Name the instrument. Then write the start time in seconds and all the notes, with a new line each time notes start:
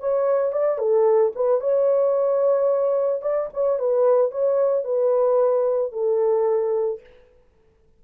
horn
0.00 C#5
0.53 D5
0.79 A4
1.36 B4
1.61 C#5
3.22 D5
3.54 C#5
3.79 B4
4.32 C#5
4.85 B4
5.93 A4